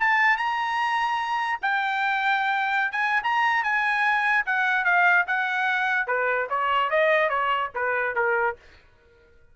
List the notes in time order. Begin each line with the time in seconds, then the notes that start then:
0.00 A5
0.37 A#5
1.62 G5
2.92 G#5
3.24 A#5
3.64 G#5
4.46 F#5
4.85 F5
5.27 F#5
6.07 B4
6.50 C#5
6.91 D#5
7.29 C#5
7.75 B4
8.16 A#4